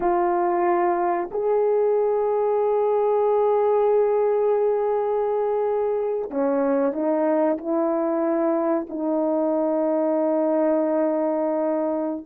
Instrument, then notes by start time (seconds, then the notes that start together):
horn
0.00 F4
1.31 G#4
6.30 C#4
6.92 D#4
7.57 E4
8.89 D#4